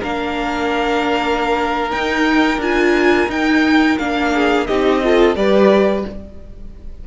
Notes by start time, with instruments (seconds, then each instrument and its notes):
0.00 cello A#3, viola D4, violin A#4 F5
1.90 viola D#4, cello D#4, violin G5
2.57 cello D4, viola F4, violin G#5
3.28 cello D#4, viola D#4, violin G5
3.98 cello A#3, viola D4, violin F5
4.33 violin G#4
4.66 cello C4, viola D#4, violin G4 D#5
5.03 viola F4, violin A4
5.35 cello G3, viola G4, violin B4 D5